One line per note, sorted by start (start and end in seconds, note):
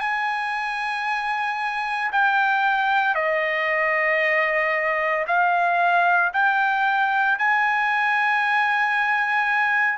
0.00 2.11 G#5
2.12 3.14 G5
3.14 5.25 D#5
5.27 6.32 F5
6.33 7.38 G5
7.38 9.98 G#5